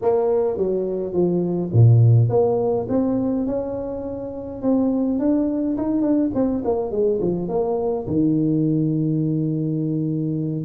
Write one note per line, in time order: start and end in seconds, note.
0.01 0.57 A#3
0.57 1.13 F#3
1.13 1.70 F3
1.72 2.29 A#2
2.29 2.87 A#3
2.88 3.46 C4
3.46 4.62 C#4
4.62 5.19 C4
5.19 5.76 D4
5.77 6.01 D#4
6.01 6.30 D4
6.34 6.63 C4
6.64 6.91 A#3
6.91 7.20 G#3
7.21 7.48 F3
7.48 8.06 A#3
8.07 10.65 D#3